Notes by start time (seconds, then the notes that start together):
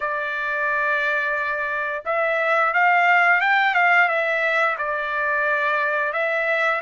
0.00 D5
2.05 E5
2.73 F5
3.40 G5
3.74 F5
4.08 E5
4.78 D5
6.12 E5